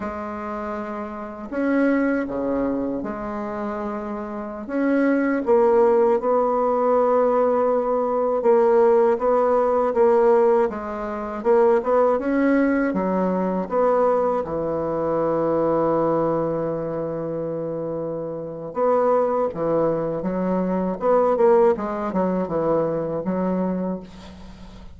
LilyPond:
\new Staff \with { instrumentName = "bassoon" } { \time 4/4 \tempo 4 = 80 gis2 cis'4 cis4 | gis2~ gis16 cis'4 ais8.~ | ais16 b2. ais8.~ | ais16 b4 ais4 gis4 ais8 b16~ |
b16 cis'4 fis4 b4 e8.~ | e1~ | e4 b4 e4 fis4 | b8 ais8 gis8 fis8 e4 fis4 | }